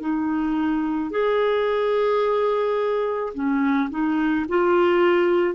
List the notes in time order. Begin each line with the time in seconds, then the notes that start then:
0.00 D#4
1.11 G#4
3.34 C#4
3.90 D#4
4.48 F4